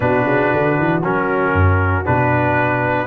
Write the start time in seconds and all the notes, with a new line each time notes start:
0.00 B2 D4 F#4 B4
0.24 C#3
0.52 D3
0.78 E3
1.03 F#3 C#4 A#4
1.53 F#2
2.04 B2 D4 B4